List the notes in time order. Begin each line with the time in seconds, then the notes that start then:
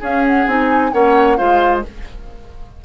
0.00 C#4 G#4 F5
0.27 F#5
0.47 C4 D#4 G#5
0.92 A#3 C#4 C#5 F#5
1.36 G#3 F4 C5 F5